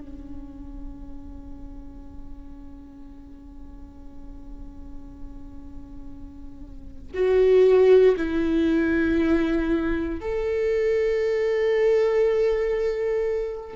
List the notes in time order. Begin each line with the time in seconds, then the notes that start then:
0.00 C#4
7.14 F#4
8.17 E4
10.21 A4